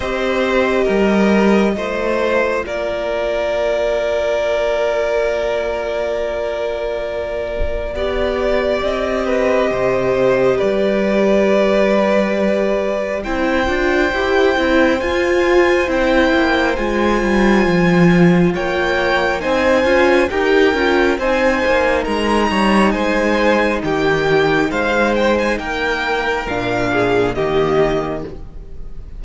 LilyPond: <<
  \new Staff \with { instrumentName = "violin" } { \time 4/4 \tempo 4 = 68 dis''2. d''4~ | d''1~ | d''2 dis''2 | d''2. g''4~ |
g''4 gis''4 g''4 gis''4~ | gis''4 g''4 gis''4 g''4 | gis''4 ais''4 gis''4 g''4 | f''8 g''16 gis''16 g''4 f''4 dis''4 | }
  \new Staff \with { instrumentName = "violin" } { \time 4/4 c''4 ais'4 c''4 ais'4~ | ais'1~ | ais'4 d''4. b'8 c''4 | b'2. c''4~ |
c''1~ | c''4 cis''4 c''4 ais'4 | c''4 ais'8 cis''8 c''4 g'4 | c''4 ais'4. gis'8 g'4 | }
  \new Staff \with { instrumentName = "viola" } { \time 4/4 g'2 f'2~ | f'1~ | f'4 g'2.~ | g'2. e'8 f'8 |
g'8 e'8 f'4 e'4 f'4~ | f'2 dis'8 f'8 g'8 f'8 | dis'1~ | dis'2 d'4 ais4 | }
  \new Staff \with { instrumentName = "cello" } { \time 4/4 c'4 g4 a4 ais4~ | ais1~ | ais4 b4 c'4 c4 | g2. c'8 d'8 |
e'8 c'8 f'4 c'8 ais8 gis8 g8 | f4 ais4 c'8 cis'8 dis'8 cis'8 | c'8 ais8 gis8 g8 gis4 dis4 | gis4 ais4 ais,4 dis4 | }
>>